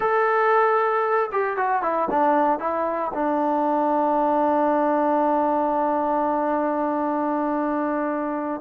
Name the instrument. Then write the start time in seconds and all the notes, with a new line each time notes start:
trombone
0.00 A4
1.31 G4
1.56 F#4
1.82 E4
2.10 D4
2.59 E4
3.14 D4